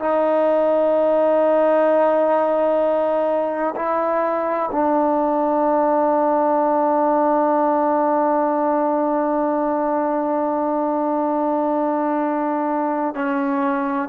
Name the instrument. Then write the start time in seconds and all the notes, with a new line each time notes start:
trombone
0.00 D#4
3.76 E4
4.72 D4
13.15 C#4